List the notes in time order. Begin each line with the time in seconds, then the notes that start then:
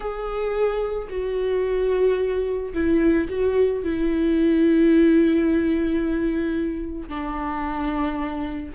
0.00 G#4
1.09 F#4
2.73 E4
3.29 F#4
3.83 E4
7.08 D4